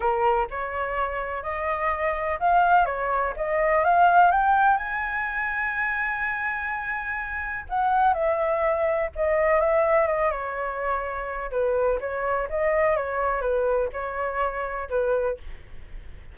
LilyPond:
\new Staff \with { instrumentName = "flute" } { \time 4/4 \tempo 4 = 125 ais'4 cis''2 dis''4~ | dis''4 f''4 cis''4 dis''4 | f''4 g''4 gis''2~ | gis''1 |
fis''4 e''2 dis''4 | e''4 dis''8 cis''2~ cis''8 | b'4 cis''4 dis''4 cis''4 | b'4 cis''2 b'4 | }